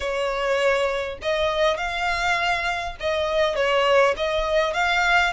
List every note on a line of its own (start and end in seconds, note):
0.00 1.18 C#5
1.22 1.77 D#5
1.77 2.96 F5
3.00 3.55 D#5
3.55 4.14 C#5
4.17 4.73 D#5
4.73 5.33 F5